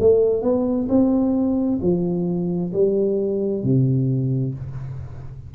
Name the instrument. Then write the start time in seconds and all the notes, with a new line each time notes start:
tuba
0.00 A3
0.42 B3
0.89 C4
1.82 F3
2.73 G3
3.64 C3